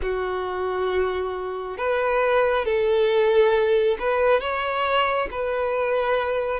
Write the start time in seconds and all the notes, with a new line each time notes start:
0.02 F#4
1.77 B4
2.65 A4
3.99 B4
4.40 C#5
5.31 B4